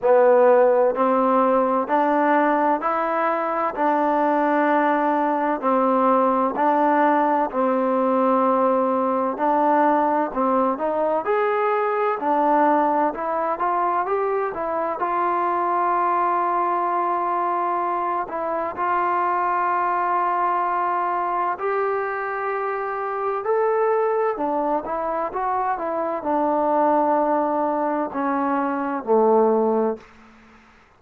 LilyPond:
\new Staff \with { instrumentName = "trombone" } { \time 4/4 \tempo 4 = 64 b4 c'4 d'4 e'4 | d'2 c'4 d'4 | c'2 d'4 c'8 dis'8 | gis'4 d'4 e'8 f'8 g'8 e'8 |
f'2.~ f'8 e'8 | f'2. g'4~ | g'4 a'4 d'8 e'8 fis'8 e'8 | d'2 cis'4 a4 | }